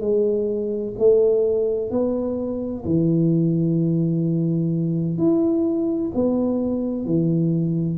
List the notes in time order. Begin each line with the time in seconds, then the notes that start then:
0.00 G#3
0.98 A3
1.90 B3
2.84 E3
5.17 E4
6.14 B3
7.05 E3